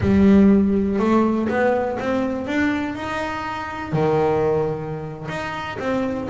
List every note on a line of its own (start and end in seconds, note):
0.00 0.99 G3
0.99 1.48 A3
1.48 1.98 B3
1.99 2.47 C4
2.47 2.95 D4
2.95 3.92 D#4
3.92 5.27 D#3
5.28 5.77 D#4
5.78 6.27 C4